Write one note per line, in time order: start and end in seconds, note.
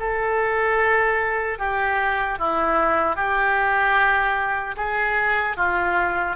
0.00 1.59 A4
1.59 2.39 G4
2.39 3.16 E4
3.16 4.76 G4
4.77 5.57 G#4
5.57 6.37 F4